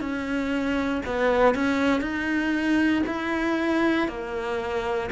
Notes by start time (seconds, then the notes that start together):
0.00 C#4
1.05 B3
1.54 C#4
2.01 D#4
3.06 E4
4.08 A#3